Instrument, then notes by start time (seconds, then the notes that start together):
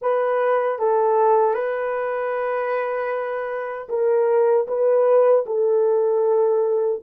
horn
0.01 B4
0.78 A4
1.54 B4
3.89 A#4
4.67 B4
5.46 A4